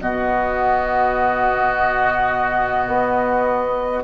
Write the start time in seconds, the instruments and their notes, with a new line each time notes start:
0.00 bassoon B2, clarinet B3, oboe F#4, flute D#5
2.87 bassoon B3